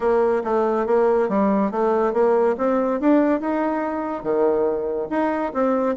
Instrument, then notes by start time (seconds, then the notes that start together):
bassoon
0.00 A#3
0.44 A3
0.86 A#3
1.28 G3
1.71 A3
2.13 A#3
2.57 C4
3.00 D4
3.40 D#4
4.23 D#3
5.10 D#4
5.53 C4